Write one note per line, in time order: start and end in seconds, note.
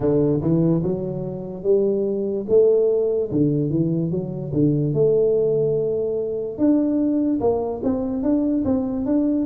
0.00 0.40 D3
0.41 0.82 E3
0.83 1.63 F#3
1.63 2.45 G3
2.48 3.31 A3
3.31 3.70 D3
3.70 4.11 E3
4.11 4.52 F#3
4.53 4.93 D3
4.93 6.58 A3
6.58 7.40 D4
7.40 7.81 A#3
7.83 8.22 C4
8.22 8.63 D4
8.64 9.05 C4
9.05 9.46 D4